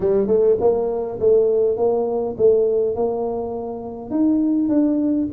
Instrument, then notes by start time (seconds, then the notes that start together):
tuba
0.00 G3
0.27 A3
0.60 A#3
1.19 A3
1.76 A#3
2.37 A3
2.95 A#3
4.10 D#4
4.68 D4